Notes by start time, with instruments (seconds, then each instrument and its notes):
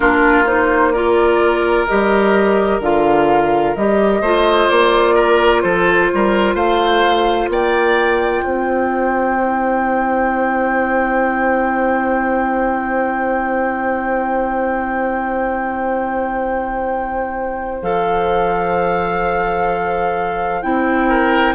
0.00 bassoon A#3, clarinet D4, oboe F4, flute A#4
0.46 clarinet D#4, flute C5
0.92 clarinet F4, oboe A#4, flute D5
1.87 bassoon G3, clarinet G4, flute D#5
2.79 bassoon D3, clarinet F4, flute F5
3.76 bassoon G3, clarinet G4, flute D#5
4.21 bassoon A3, clarinet F4, oboe C5
4.69 bassoon A#3, flute D5
5.14 oboe A#4
5.61 bassoon F3, oboe A4, flute C5
6.13 bassoon G3, oboe A#4
6.54 bassoon A3, oboe C5, flute F5
7.48 bassoon A#3, oboe D5, flute G5
8.44 bassoon C4, oboe C5
9.38 clarinet E4
17.82 bassoon F3, clarinet A4, flute F5
20.62 bassoon C4, clarinet E4, flute G5
21.08 oboe A#4